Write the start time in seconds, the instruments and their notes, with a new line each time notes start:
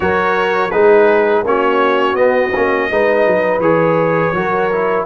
0.00 tuba F#3, trombone F#4, horn A#4, trumpet C#5
0.70 tuba G#3, trombone D#4, horn G#4, trumpet B4
1.44 tuba A#3, trombone C#4, horn F#4, trumpet C#5
2.14 tuba B3, trombone B3, trumpet D#5
2.55 tuba A#3, trombone C#4
2.90 tuba G#3, trombone D#4, horn B4
3.26 tuba F#3
3.59 tuba E3, trombone G#4, trumpet C#5
4.33 tuba F#3, trombone F#4, horn A#4
4.71 trombone E4